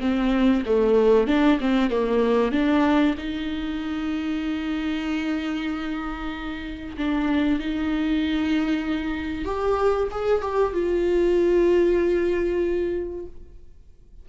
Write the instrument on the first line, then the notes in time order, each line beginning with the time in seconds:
viola
0.00 C4
0.65 A3
1.27 D4
1.60 C4
1.90 A#3
2.51 D4
3.17 D#4
6.97 D4
7.59 D#4
9.45 G4
10.11 G#4
10.42 G4
10.73 F4